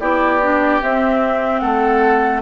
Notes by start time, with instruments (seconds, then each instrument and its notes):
0.00 bassoon B3, clarinet E4, oboe G4, flute D5
0.42 clarinet D4
0.81 clarinet C4, bassoon C4, flute E5
1.60 bassoon A3, oboe A4, flute F#5